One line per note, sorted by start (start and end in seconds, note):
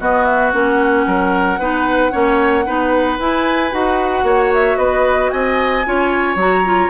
0.00 0.54 B3
0.00 0.53 B3
0.00 1.06 F#4
0.00 0.25 D#5
0.25 0.52 E5
0.53 1.07 A#3
0.53 1.59 C#4
0.53 3.20 F#5
1.07 1.59 F#3
1.07 1.60 A#4
1.59 2.12 B3
1.59 2.12 D#4
1.59 2.12 B4
2.12 2.67 A#3
2.12 2.65 C#4
2.12 2.65 C#5
2.66 3.19 B3
2.66 3.19 D#4
2.66 4.25 B4
3.19 3.72 E4
3.19 3.73 G#5
3.72 4.23 D#4
3.72 5.84 F#4
3.72 4.52 F#5
4.23 4.76 A#3
4.23 4.78 C#5
4.54 4.77 E5
4.77 5.31 B3
4.77 5.31 B4
4.77 5.30 D#5
5.31 5.87 C4
5.31 5.87 D#5
5.31 6.37 G#5
5.85 6.36 C#4
5.85 6.38 F4
5.85 6.90 C#5
6.36 6.89 F#3
6.36 6.65 F#4
6.36 6.90 A#5
6.65 6.90 F4